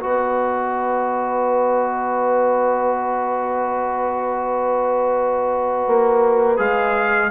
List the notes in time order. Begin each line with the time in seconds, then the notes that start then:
0.00 B3 F#4 B4 D#5
5.87 A#3
6.57 G#3 G#4 F5